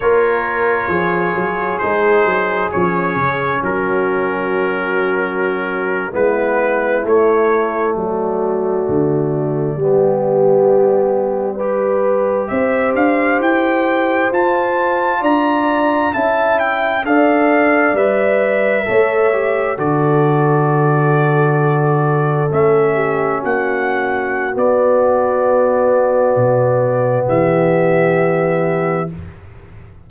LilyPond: <<
  \new Staff \with { instrumentName = "trumpet" } { \time 4/4 \tempo 4 = 66 cis''2 c''4 cis''4 | ais'2~ ais'8. b'4 cis''16~ | cis''8. d''2.~ d''16~ | d''4.~ d''16 e''8 f''8 g''4 a''16~ |
a''8. ais''4 a''8 g''8 f''4 e''16~ | e''4.~ e''16 d''2~ d''16~ | d''8. e''4 fis''4~ fis''16 d''4~ | d''2 e''2 | }
  \new Staff \with { instrumentName = "horn" } { \time 4/4 ais'4 gis'2. | fis'2~ fis'8. e'4~ e'16~ | e'8. fis'2 g'4~ g'16~ | g'8. b'4 c''2~ c''16~ |
c''8. d''4 e''4 d''4~ d''16~ | d''8. cis''4 a'2~ a'16~ | a'4~ a'16 g'8 fis'2~ fis'16~ | fis'2 g'2 | }
  \new Staff \with { instrumentName = "trombone" } { \time 4/4 f'2 dis'4 cis'4~ | cis'2~ cis'8. b4 a16~ | a2~ a8. b4~ b16~ | b8. g'2. f'16~ |
f'4.~ f'16 e'4 a'4 b'16~ | b'8. a'8 g'8 fis'2~ fis'16~ | fis'8. cis'2~ cis'16 b4~ | b1 | }
  \new Staff \with { instrumentName = "tuba" } { \time 4/4 ais4 f8 fis8 gis8 fis8 f8 cis8 | fis2~ fis8. gis4 a16~ | a8. fis4 d4 g4~ g16~ | g4.~ g16 c'8 d'8 e'4 f'16~ |
f'8. d'4 cis'4 d'4 g16~ | g8. a4 d2~ d16~ | d8. a4 ais4~ ais16 b4~ | b4 b,4 e2 | }
>>